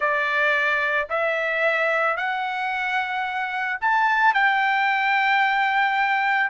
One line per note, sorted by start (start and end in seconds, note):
0.00 1.08 D5
1.09 2.16 E5
2.16 3.78 F#5
3.80 4.34 A5
4.34 6.50 G5